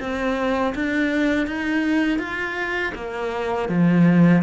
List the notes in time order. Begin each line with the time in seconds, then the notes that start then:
0.00 C4
0.75 D4
1.47 D#4
2.19 F4
2.95 A#3
3.69 F3